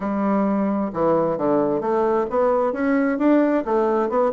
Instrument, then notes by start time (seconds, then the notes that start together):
bassoon
0.00 G3
0.93 E3
1.37 D3
1.80 A3
2.30 B3
2.73 C#4
3.18 D4
3.65 A3
4.09 B3